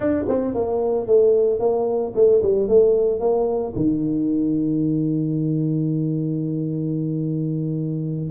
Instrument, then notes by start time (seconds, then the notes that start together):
tuba
0.00 D4
0.28 C4
0.54 A#3
1.07 A3
1.59 A#3
2.15 A3
2.42 G3
2.68 A3
3.20 A#3
3.75 D#3